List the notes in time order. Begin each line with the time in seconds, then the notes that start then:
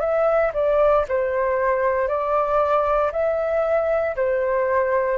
0.00 E5
0.54 D5
1.09 C5
2.08 D5
3.13 E5
4.16 C5